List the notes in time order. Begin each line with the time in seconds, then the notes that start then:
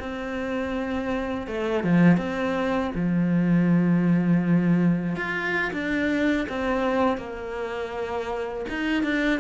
0.00 C4
1.47 A3
1.84 F3
2.18 C4
2.95 F3
5.16 F4
5.73 D4
6.49 C4
7.18 A#3
8.69 D#4
9.03 D4